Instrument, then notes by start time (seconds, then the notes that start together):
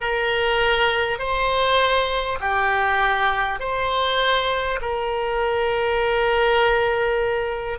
oboe
0.01 A#4
1.18 C5
2.39 G4
3.59 C5
4.81 A#4